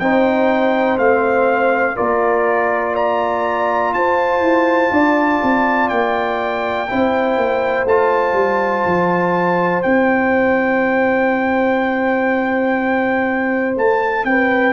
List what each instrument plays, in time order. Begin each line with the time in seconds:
0.00 tuba C4, trombone D#4, horn C5, trumpet G5
0.98 tuba A3, trombone C4, trumpet F5
1.96 tuba A#3, trombone F4, horn A#4, trumpet D5
2.93 horn D5, trumpet A#5
3.93 tuba F4, horn C5, trumpet A5
4.41 tuba E4
4.91 tuba D4, horn D5
5.43 tuba C4
5.89 tuba A#3, trumpet G5
6.89 tuba C4, trombone E4, horn C5
7.37 tuba A#3
7.85 tuba A3, trombone F4, trumpet A5
8.34 tuba G3
8.86 tuba F3
9.83 tuba C4, trombone E4, trumpet G5
13.76 tuba A3, trumpet A5
14.25 tuba C4, horn B4, trumpet G5